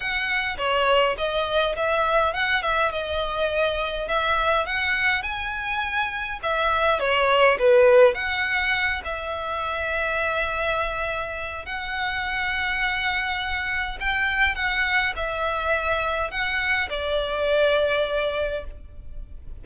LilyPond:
\new Staff \with { instrumentName = "violin" } { \time 4/4 \tempo 4 = 103 fis''4 cis''4 dis''4 e''4 | fis''8 e''8 dis''2 e''4 | fis''4 gis''2 e''4 | cis''4 b'4 fis''4. e''8~ |
e''1 | fis''1 | g''4 fis''4 e''2 | fis''4 d''2. | }